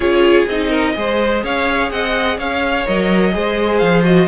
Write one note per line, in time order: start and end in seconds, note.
0.00 0.45 C#4
0.00 0.47 F4
0.00 0.69 G#4
0.00 0.46 C#5
0.47 0.95 C4
0.47 0.94 D#4
0.47 1.43 D#5
0.69 0.93 A#4
0.94 1.43 G#3
0.94 2.84 G#4
0.94 1.43 C5
1.43 1.90 C#4
1.43 1.91 C#5
1.43 1.91 F5
1.90 2.38 C4
1.90 2.37 D#5
1.90 2.38 F#5
2.37 2.85 C#4
2.37 3.33 C#5
2.37 2.87 F5
2.86 3.35 F#3
2.86 3.32 A#4
2.86 3.78 D#5
3.32 3.81 G#3
3.32 4.03 G#4
3.32 4.27 C5
3.78 4.27 F3
3.78 4.02 F5
4.03 4.27 F#4
4.03 4.27 D#5